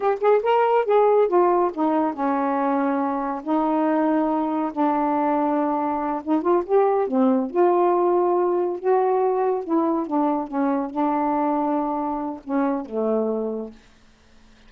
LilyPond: \new Staff \with { instrumentName = "saxophone" } { \time 4/4 \tempo 4 = 140 g'8 gis'8 ais'4 gis'4 f'4 | dis'4 cis'2. | dis'2. d'4~ | d'2~ d'8 dis'8 f'8 g'8~ |
g'8 c'4 f'2~ f'8~ | f'8 fis'2 e'4 d'8~ | d'8 cis'4 d'2~ d'8~ | d'4 cis'4 a2 | }